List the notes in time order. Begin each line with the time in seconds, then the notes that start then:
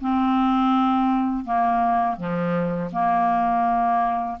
0.00 C4
1.44 A#3
2.16 F3
2.92 A#3